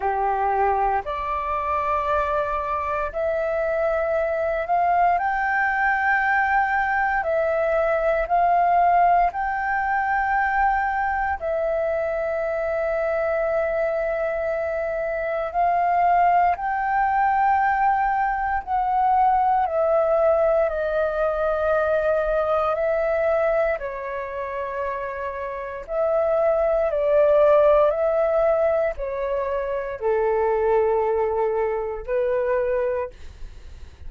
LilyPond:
\new Staff \with { instrumentName = "flute" } { \time 4/4 \tempo 4 = 58 g'4 d''2 e''4~ | e''8 f''8 g''2 e''4 | f''4 g''2 e''4~ | e''2. f''4 |
g''2 fis''4 e''4 | dis''2 e''4 cis''4~ | cis''4 e''4 d''4 e''4 | cis''4 a'2 b'4 | }